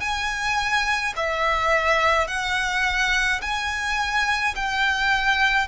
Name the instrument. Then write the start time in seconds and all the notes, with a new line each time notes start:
violin
0.00 G#5
1.16 E5
2.27 F#5
3.41 G#5
4.55 G5